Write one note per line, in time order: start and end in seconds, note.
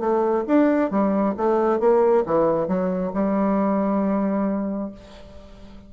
0.00 0.44 A3
0.48 0.91 D4
0.91 1.35 G3
1.37 1.80 A3
1.80 2.24 A#3
2.26 2.68 E3
2.68 3.13 F#3
3.14 4.92 G3